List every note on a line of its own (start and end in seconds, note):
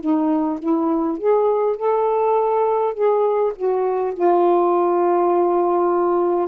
0.00 0.59 D#4
0.59 1.18 E4
1.18 1.76 G#4
1.76 2.94 A4
2.94 3.52 G#4
3.56 4.13 F#4
4.13 6.48 F4